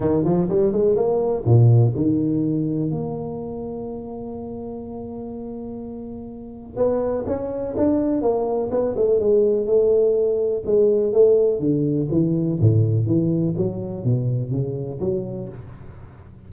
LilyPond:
\new Staff \with { instrumentName = "tuba" } { \time 4/4 \tempo 4 = 124 dis8 f8 g8 gis8 ais4 ais,4 | dis2 ais2~ | ais1~ | ais2 b4 cis'4 |
d'4 ais4 b8 a8 gis4 | a2 gis4 a4 | d4 e4 a,4 e4 | fis4 b,4 cis4 fis4 | }